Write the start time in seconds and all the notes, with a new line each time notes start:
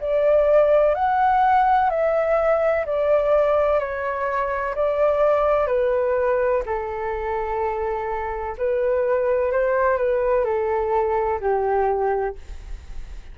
0.00 D5
0.94 F#5
1.90 E5
2.85 D5
3.79 C#5
4.75 D5
5.67 B4
6.66 A4
8.58 B4
9.52 C5
9.97 B4
10.44 A4
11.40 G4